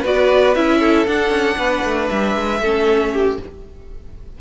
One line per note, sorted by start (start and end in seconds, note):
0.00 0.56 B3
0.00 0.54 F#4
0.00 0.77 B4
0.00 0.55 D5
0.55 1.07 C#4
0.55 1.06 E4
0.55 1.06 E5
0.79 1.56 A4
1.06 2.60 D4
1.06 1.29 D4
1.06 2.08 F#5
1.29 1.55 C#4
1.57 1.83 B3
1.57 2.60 B4
1.83 2.09 A3
2.08 2.35 G3
2.08 3.36 E5
2.35 2.60 G#3
2.60 3.37 A3
2.60 3.40 C#4
2.60 3.12 A4
3.12 3.38 G4